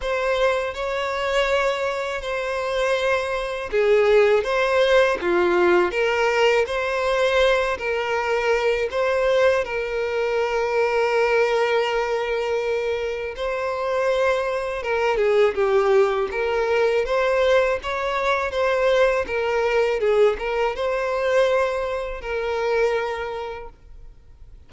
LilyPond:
\new Staff \with { instrumentName = "violin" } { \time 4/4 \tempo 4 = 81 c''4 cis''2 c''4~ | c''4 gis'4 c''4 f'4 | ais'4 c''4. ais'4. | c''4 ais'2.~ |
ais'2 c''2 | ais'8 gis'8 g'4 ais'4 c''4 | cis''4 c''4 ais'4 gis'8 ais'8 | c''2 ais'2 | }